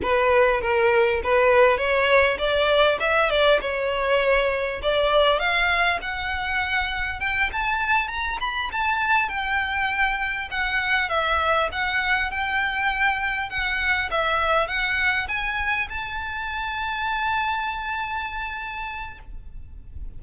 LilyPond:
\new Staff \with { instrumentName = "violin" } { \time 4/4 \tempo 4 = 100 b'4 ais'4 b'4 cis''4 | d''4 e''8 d''8 cis''2 | d''4 f''4 fis''2 | g''8 a''4 ais''8 b''8 a''4 g''8~ |
g''4. fis''4 e''4 fis''8~ | fis''8 g''2 fis''4 e''8~ | e''8 fis''4 gis''4 a''4.~ | a''1 | }